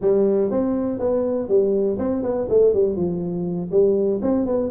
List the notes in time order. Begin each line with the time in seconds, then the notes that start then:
0.01 G3
0.50 C4
0.99 B3
1.48 G3
1.98 C4
2.22 B3
2.49 A3
2.73 G3
2.95 F3
3.71 G3
4.21 C4
4.45 B3